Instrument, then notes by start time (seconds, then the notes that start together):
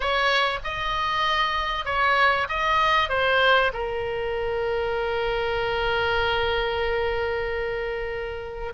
oboe
0.00 C#5
0.63 D#5
1.85 C#5
2.48 D#5
3.09 C5
3.73 A#4